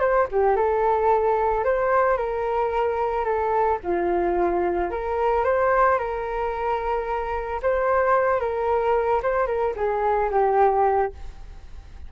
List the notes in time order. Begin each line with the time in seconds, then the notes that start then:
0.00 C5
0.31 G4
0.56 A4
1.64 C5
2.17 A#4
3.24 A4
3.83 F4
4.90 A#4
5.44 C5
5.98 A#4
7.62 C5
8.40 A#4
9.23 C5
9.46 A#4
9.76 G#4
10.31 G4